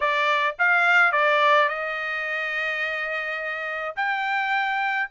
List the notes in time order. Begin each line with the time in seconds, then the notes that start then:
0.00 D5
0.58 F5
1.12 D5
1.68 D#5
3.96 G5